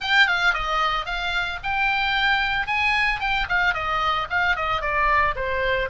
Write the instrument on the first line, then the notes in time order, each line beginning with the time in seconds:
oboe
0.00 G5
0.27 F5
0.53 D#5
1.05 F5
1.63 G5
2.66 G#5
3.20 G5
3.48 F5
3.74 D#5
4.30 F5
4.56 D#5
4.81 D5
5.35 C5